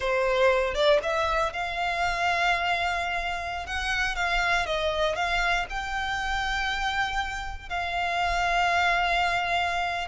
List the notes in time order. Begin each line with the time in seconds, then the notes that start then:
0.00 C5
0.74 D5
1.02 E5
1.52 F5
3.66 F#5
4.15 F5
4.66 D#5
5.15 F5
5.69 G5
7.69 F5